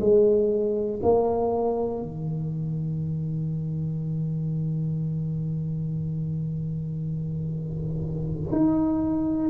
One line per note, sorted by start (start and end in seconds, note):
0.00 1.00 G#3
1.02 2.02 A#3
2.02 8.52 D#3
8.52 9.49 D#4